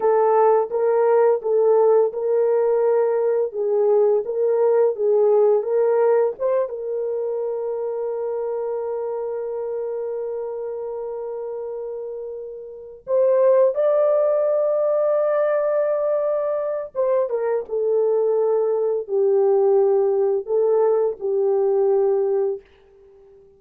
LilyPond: \new Staff \with { instrumentName = "horn" } { \time 4/4 \tempo 4 = 85 a'4 ais'4 a'4 ais'4~ | ais'4 gis'4 ais'4 gis'4 | ais'4 c''8 ais'2~ ais'8~ | ais'1~ |
ais'2~ ais'8 c''4 d''8~ | d''1 | c''8 ais'8 a'2 g'4~ | g'4 a'4 g'2 | }